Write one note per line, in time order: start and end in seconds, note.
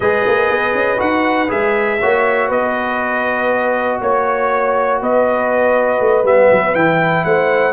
0.00 0.24 G#3
0.00 0.97 G#4
0.00 2.00 B4
0.00 1.00 D#5
0.27 0.50 A#3
0.50 0.73 B3
0.73 0.98 C#4
0.97 1.50 D#4
0.97 1.47 F#4
0.97 1.50 F#5
1.48 2.01 G#3
1.48 1.98 G#4
1.48 2.50 E5
2.00 2.50 A#3
2.00 6.24 F#4
2.00 2.48 C#5
2.48 4.00 B3
2.48 3.98 B4
2.48 4.01 D#5
4.01 5.01 A#3
4.01 5.00 C#5
4.01 5.01 C#5
5.00 6.00 B3
5.00 7.25 B4
5.00 6.26 D#5
6.00 6.23 A3
6.23 6.48 G3
6.23 6.74 B3
6.23 6.74 E5
6.51 6.75 F#3
6.74 7.24 E3
6.74 7.72 E4
6.74 7.24 G5
7.24 7.72 A3
7.24 7.72 C5
7.24 7.72 F#5